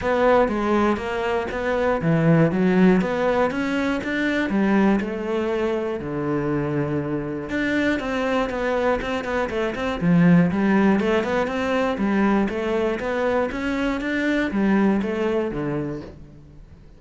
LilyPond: \new Staff \with { instrumentName = "cello" } { \time 4/4 \tempo 4 = 120 b4 gis4 ais4 b4 | e4 fis4 b4 cis'4 | d'4 g4 a2 | d2. d'4 |
c'4 b4 c'8 b8 a8 c'8 | f4 g4 a8 b8 c'4 | g4 a4 b4 cis'4 | d'4 g4 a4 d4 | }